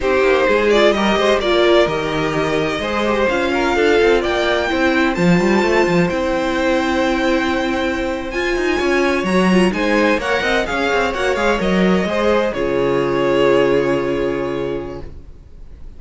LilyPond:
<<
  \new Staff \with { instrumentName = "violin" } { \time 4/4 \tempo 4 = 128 c''4. d''8 dis''4 d''4 | dis''2. f''4~ | f''4 g''2 a''4~ | a''4 g''2.~ |
g''4.~ g''16 gis''2 ais''16~ | ais''8. gis''4 fis''4 f''4 fis''16~ | fis''16 f''8 dis''2 cis''4~ cis''16~ | cis''1 | }
  \new Staff \with { instrumentName = "violin" } { \time 4/4 g'4 gis'4 ais'8 c''8 ais'4~ | ais'2 c''4. ais'8 | a'4 d''4 c''2~ | c''1~ |
c''2~ c''8. cis''4~ cis''16~ | cis''8. c''4 cis''8 dis''8 cis''4~ cis''16~ | cis''4.~ cis''16 c''4 gis'4~ gis'16~ | gis'1 | }
  \new Staff \with { instrumentName = "viola" } { \time 4/4 dis'4. f'8 g'4 f'4 | g'2 gis'8 g'8 f'4~ | f'2 e'4 f'4~ | f'4 e'2.~ |
e'4.~ e'16 f'2 fis'16~ | fis'16 f'8 dis'4 ais'4 gis'4 fis'16~ | fis'16 gis'8 ais'4 gis'4 f'4~ f'16~ | f'1 | }
  \new Staff \with { instrumentName = "cello" } { \time 4/4 c'8 ais8 gis4 g8 gis8 ais4 | dis2 gis4 cis'4 | d'8 c'8 ais4 c'4 f8 g8 | a8 f8 c'2.~ |
c'4.~ c'16 f'8 dis'8 cis'4 fis16~ | fis8. gis4 ais8 c'8 cis'8 c'8 ais16~ | ais16 gis8 fis4 gis4 cis4~ cis16~ | cis1 | }
>>